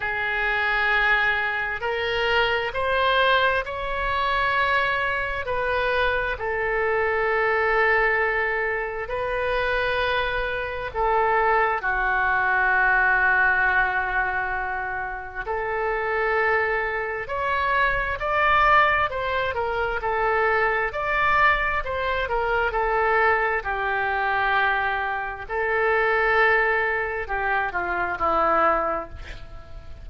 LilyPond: \new Staff \with { instrumentName = "oboe" } { \time 4/4 \tempo 4 = 66 gis'2 ais'4 c''4 | cis''2 b'4 a'4~ | a'2 b'2 | a'4 fis'2.~ |
fis'4 a'2 cis''4 | d''4 c''8 ais'8 a'4 d''4 | c''8 ais'8 a'4 g'2 | a'2 g'8 f'8 e'4 | }